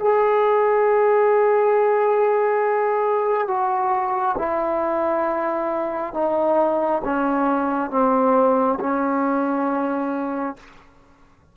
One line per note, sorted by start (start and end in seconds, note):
0.00 3.48 G#4
3.48 4.36 F#4
4.38 6.14 E4
6.14 7.02 D#4
7.05 7.91 C#4
7.91 8.79 C4
8.80 10.57 C#4